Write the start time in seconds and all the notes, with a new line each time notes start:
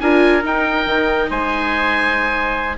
0.00 D4 F4 A#4 G#5
0.41 D#4 G5
0.86 D#3
1.30 G#3 C5 G#5